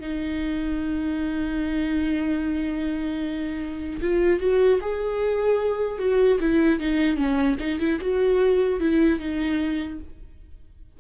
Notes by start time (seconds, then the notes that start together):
0.00 D#4
4.01 F4
4.40 F#4
4.81 G#4
5.99 F#4
6.40 E4
6.80 D#4
7.16 C#4
7.59 D#4
7.79 E4
8.00 F#4
8.80 E4
9.19 D#4